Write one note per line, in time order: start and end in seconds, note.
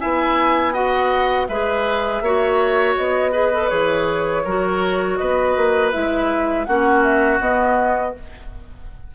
0.00 1.49 B3
0.00 0.74 E4
0.00 0.74 E5
0.00 0.74 G#5
0.74 1.48 F#4
0.74 1.48 D#5
0.74 1.48 F#5
1.48 2.21 G#3
1.48 2.25 G#4
1.48 2.23 B4
1.48 2.96 E5
2.21 2.96 A#3
2.21 3.33 F#4
2.21 3.32 C#5
2.97 3.72 B3
2.97 3.70 D#5
3.32 3.52 G#4
3.32 4.43 B4
3.53 3.70 A4
3.70 4.46 E3
3.70 4.44 G#4
3.70 5.17 C#5
4.45 5.20 F#3
4.45 5.93 F#4
4.45 5.19 A#4
5.17 5.57 B3
5.17 6.67 B4
5.17 5.91 D#5
5.57 5.94 A#3
5.92 6.68 G#3
5.92 6.67 E4
5.92 6.66 E5
6.66 7.40 A#3
6.66 7.41 C#4
6.66 8.15 F#4
6.66 7.03 F#5
7.03 7.40 E5
7.40 8.15 B3
7.40 8.15 D#5